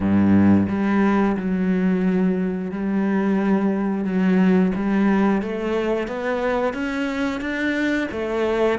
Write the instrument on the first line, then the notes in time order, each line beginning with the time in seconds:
cello
0.00 G2
0.68 G3
1.36 F#3
2.71 G3
4.04 F#3
4.75 G3
5.41 A3
6.07 B3
6.73 C#4
7.40 D4
8.11 A3